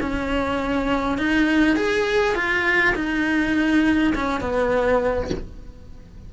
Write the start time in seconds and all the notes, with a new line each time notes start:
0.00 C#4
1.17 D#4
1.76 G#4
2.35 F4
2.95 D#4
4.15 C#4
4.40 B3